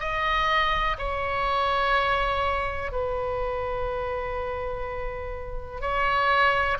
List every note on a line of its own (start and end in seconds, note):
0.00 0.97 D#5
0.99 2.92 C#5
2.92 5.81 B4
5.81 6.78 C#5